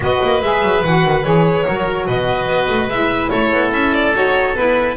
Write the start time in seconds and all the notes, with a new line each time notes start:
0.00 B3 F#4 B4 D#5
0.23 A#3
0.41 G#3 G#4 E5
0.62 F#3
0.83 E3 F#4 F#5
1.04 D#3
1.24 E3 G#4 C#5
1.66 F#3 F#4 A#4
2.06 B2 B4 D#5
2.47 B3
2.69 A3
2.87 G#3 E4 E5
3.29 A3 A4 C#5
3.52 B3
3.71 C#4 E5
3.94 D5
4.13 D#4 F#4 C#5
4.54 B3 E4 B4